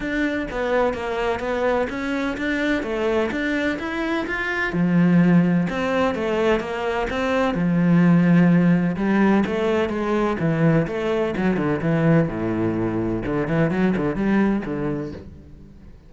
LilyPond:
\new Staff \with { instrumentName = "cello" } { \time 4/4 \tempo 4 = 127 d'4 b4 ais4 b4 | cis'4 d'4 a4 d'4 | e'4 f'4 f2 | c'4 a4 ais4 c'4 |
f2. g4 | a4 gis4 e4 a4 | fis8 d8 e4 a,2 | d8 e8 fis8 d8 g4 d4 | }